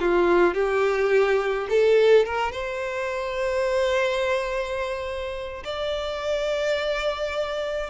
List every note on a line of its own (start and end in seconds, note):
0.00 0.55 F4
0.55 1.68 G4
1.70 2.26 A4
2.26 2.52 A#4
2.52 5.63 C5
5.64 7.90 D5